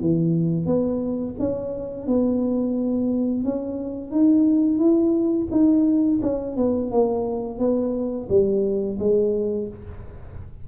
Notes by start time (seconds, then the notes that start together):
0.00 E3
0.66 B3
1.39 C#4
2.07 B3
3.44 C#4
4.11 D#4
4.78 E4
5.50 D#4
6.22 C#4
6.56 B3
6.91 A#3
7.59 B3
8.29 G3
8.99 G#3